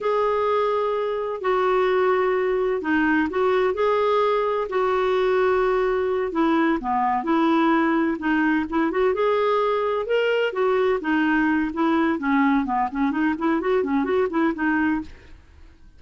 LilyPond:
\new Staff \with { instrumentName = "clarinet" } { \time 4/4 \tempo 4 = 128 gis'2. fis'4~ | fis'2 dis'4 fis'4 | gis'2 fis'2~ | fis'4. e'4 b4 e'8~ |
e'4. dis'4 e'8 fis'8 gis'8~ | gis'4. ais'4 fis'4 dis'8~ | dis'4 e'4 cis'4 b8 cis'8 | dis'8 e'8 fis'8 cis'8 fis'8 e'8 dis'4 | }